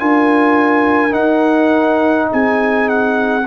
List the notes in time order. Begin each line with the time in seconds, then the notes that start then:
0.00 D4 F4 A#4 G#5
1.11 D#4 F#5
2.32 C4 G#4 G#5
2.89 F#5